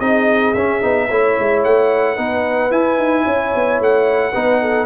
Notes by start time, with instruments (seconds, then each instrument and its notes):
0.00 tuba C4, trombone D#4, horn G#4, trumpet D#5
0.54 tuba C#4, trombone C#4, trumpet E5
0.82 tuba B3, trombone D#4
1.08 tuba A3, trombone E4, horn C#5
1.39 tuba G#3
1.64 tuba A3, trumpet F#5
2.15 tuba B3, trombone D#4, horn B4
2.70 trombone E4, tuba E4, trumpet G#5
2.98 tuba D#4
3.24 tuba C#4, horn C#5
3.55 tuba B3
3.80 tuba A3, trumpet F#5
4.32 tuba B3, trombone D#4, horn B4
4.61 horn A4